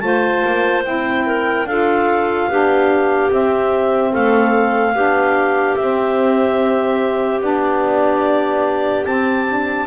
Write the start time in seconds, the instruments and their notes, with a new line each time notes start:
0.00 double bass A3, saxophone F4, clarinet C5 A5
0.45 double bass A#3
0.84 double bass C4, saxophone E4, clarinet G5
1.27 clarinet A#4
1.65 double bass D4, saxophone F4, clarinet A4 F5
2.48 double bass B3, saxophone D4, clarinet G4
3.30 saxophone C4, double bass C4, clarinet E5
4.12 double bass A3, clarinet A4 F5
4.94 double bass B3, saxophone D4, clarinet G4
5.76 double bass C4, saxophone C4, clarinet E5
7.40 double bass B3, saxophone D4, clarinet D5
9.05 saxophone C4, double bass C4, clarinet A5
9.49 saxophone D4